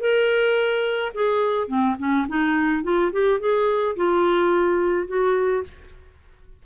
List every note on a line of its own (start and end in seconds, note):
0.00 1.12 A#4
1.14 1.68 G#4
1.68 1.96 C4
1.99 2.27 C#4
2.28 2.83 D#4
2.83 3.11 F4
3.12 3.40 G4
3.40 3.96 G#4
3.96 5.07 F4
5.07 5.64 F#4